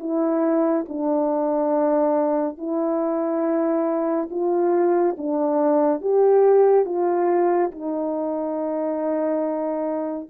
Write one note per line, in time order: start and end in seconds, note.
0.00 0.86 E4
0.89 2.58 D4
2.58 4.29 E4
4.31 5.17 F4
5.18 6.02 D4
6.02 6.86 G4
6.86 7.71 F4
7.72 10.29 D#4